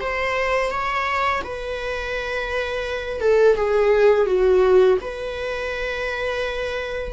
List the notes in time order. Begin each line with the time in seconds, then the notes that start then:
0.00 C5
0.71 C#5
1.44 B4
3.21 A4
3.56 G#4
4.26 F#4
5.01 B4